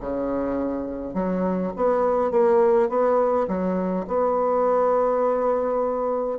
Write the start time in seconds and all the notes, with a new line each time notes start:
0.00 C#3
1.14 F#3
1.76 B3
2.31 A#3
2.89 B3
3.48 F#3
4.08 B3